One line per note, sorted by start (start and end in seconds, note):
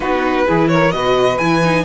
0.00 0.44 B3
0.00 0.46 D#4
0.00 0.45 F#4
0.00 0.67 B4
0.45 0.92 E3
0.45 0.91 E4
0.45 0.69 G#4
0.68 0.94 A#4
0.68 0.91 C#5
0.91 1.39 B2
0.91 1.38 F#4
0.91 1.84 B4
0.91 1.37 D#5
1.37 1.84 E3
1.37 1.62 E4
1.37 1.84 G#5
1.62 1.84 D#4